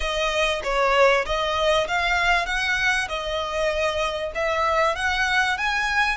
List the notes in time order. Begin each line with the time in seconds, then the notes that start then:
0.00 D#5
0.63 C#5
1.25 D#5
1.87 F5
2.46 F#5
3.08 D#5
4.35 E5
4.95 F#5
5.57 G#5